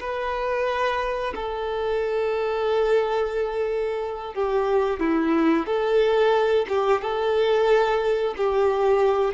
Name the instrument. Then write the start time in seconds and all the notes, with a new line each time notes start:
violin
0.00 B4
1.35 A4
4.34 G4
5.00 E4
5.66 A4
6.68 G4
7.01 A4
8.37 G4